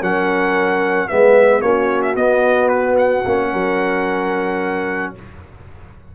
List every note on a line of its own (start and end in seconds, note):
0.00 1.09 F#3
0.00 1.08 C#4
0.00 1.08 A#4
0.00 1.08 F#5
1.08 1.61 G#3
1.08 1.62 B3
1.08 1.62 B4
1.08 1.61 E5
1.61 2.15 A#3
1.61 2.16 C#4
1.61 3.50 F#4
1.61 2.01 C#5
2.02 2.15 E5
2.16 3.24 B3
2.16 2.68 D#5
2.68 2.95 B4
2.97 5.14 F#5
3.26 3.53 A#3
3.26 5.15 C#4
3.50 5.15 F#3
3.50 5.13 A#4